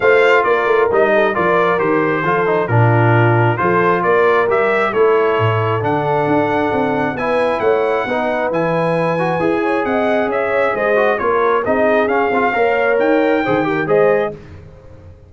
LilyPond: <<
  \new Staff \with { instrumentName = "trumpet" } { \time 4/4 \tempo 4 = 134 f''4 d''4 dis''4 d''4 | c''2 ais'2 | c''4 d''4 e''4 cis''4~ | cis''4 fis''2. |
gis''4 fis''2 gis''4~ | gis''2 fis''4 e''4 | dis''4 cis''4 dis''4 f''4~ | f''4 g''2 dis''4 | }
  \new Staff \with { instrumentName = "horn" } { \time 4/4 c''4 ais'4. a'8 ais'4~ | ais'4 a'4 f'2 | a'4 ais'2 a'4~ | a'1 |
b'4 cis''4 b'2~ | b'4. cis''8 dis''4 cis''4 | c''4 ais'4 gis'2 | cis''2 c''8 ais'8 c''4 | }
  \new Staff \with { instrumentName = "trombone" } { \time 4/4 f'2 dis'4 f'4 | g'4 f'8 dis'8 d'2 | f'2 g'4 e'4~ | e'4 d'2. |
e'2 dis'4 e'4~ | e'8 fis'8 gis'2.~ | gis'8 fis'8 f'4 dis'4 cis'8 f'8 | ais'2 gis'8 g'8 gis'4 | }
  \new Staff \with { instrumentName = "tuba" } { \time 4/4 a4 ais8 a8 g4 f4 | dis4 f4 ais,2 | f4 ais4 g4 a4 | a,4 d4 d'4 c'4 |
b4 a4 b4 e4~ | e4 e'4 c'4 cis'4 | gis4 ais4 c'4 cis'8 c'8 | ais4 dis'4 dis4 gis4 | }
>>